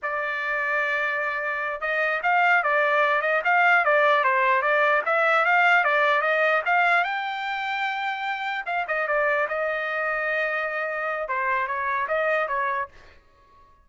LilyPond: \new Staff \with { instrumentName = "trumpet" } { \time 4/4 \tempo 4 = 149 d''1~ | d''8 dis''4 f''4 d''4. | dis''8 f''4 d''4 c''4 d''8~ | d''8 e''4 f''4 d''4 dis''8~ |
dis''8 f''4 g''2~ g''8~ | g''4. f''8 dis''8 d''4 dis''8~ | dis''1 | c''4 cis''4 dis''4 cis''4 | }